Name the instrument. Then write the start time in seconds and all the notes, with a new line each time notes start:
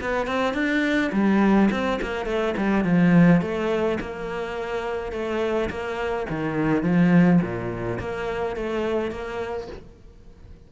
cello
0.00 B3
0.26 C4
0.53 D4
1.12 G3
1.71 C4
2.01 A#3
2.25 A3
2.57 G3
2.84 F3
3.41 A3
4.00 A#3
5.12 A3
5.69 A#3
6.29 D#3
6.83 F3
7.42 A#2
7.99 A#3
8.56 A3
9.10 A#3